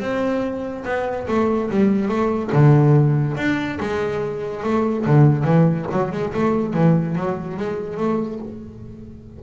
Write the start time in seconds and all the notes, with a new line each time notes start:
0.00 C4
0.84 B3
1.27 A3
1.70 G3
2.08 A3
2.52 D3
3.37 D4
3.80 G#3
4.63 A3
5.06 D3
5.44 E3
5.91 F#3
6.12 G#3
6.33 A3
6.73 E3
7.15 F#3
7.57 G#3
7.97 A3